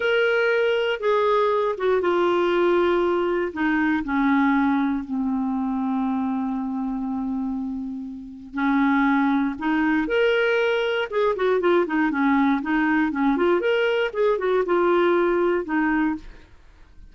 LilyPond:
\new Staff \with { instrumentName = "clarinet" } { \time 4/4 \tempo 4 = 119 ais'2 gis'4. fis'8 | f'2. dis'4 | cis'2 c'2~ | c'1~ |
c'4 cis'2 dis'4 | ais'2 gis'8 fis'8 f'8 dis'8 | cis'4 dis'4 cis'8 f'8 ais'4 | gis'8 fis'8 f'2 dis'4 | }